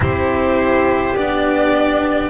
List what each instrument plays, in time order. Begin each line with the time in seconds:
0.00 double bass C4, cello E4, violin G4 C5
1.15 double bass B3, cello D4, violin D5